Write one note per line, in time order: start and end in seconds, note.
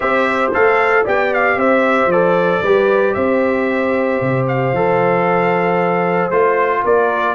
0.00 0.53 C4
0.00 0.52 G4
0.00 1.03 C5
0.00 0.51 E5
0.53 1.06 A3
0.53 1.05 A4
0.53 1.06 F5
1.03 1.56 B3
1.03 2.10 G4
1.03 1.56 D5
1.03 1.33 G5
1.33 1.59 F5
1.56 2.06 C4
1.56 2.62 C5
1.56 2.11 E5
2.06 2.58 F3
2.06 3.14 D5
2.12 2.64 A4
2.62 3.15 G3
2.62 4.75 G4
2.62 3.15 B4
3.14 4.21 C4
3.14 6.83 C5
3.14 4.45 E5
4.21 4.72 C3
4.47 6.30 F5
4.72 6.30 F3
4.72 6.31 A4
6.30 6.83 A3
6.30 7.35 F4
6.30 6.83 C5
6.83 7.35 A#3
6.83 7.35 A#4
6.83 7.35 D5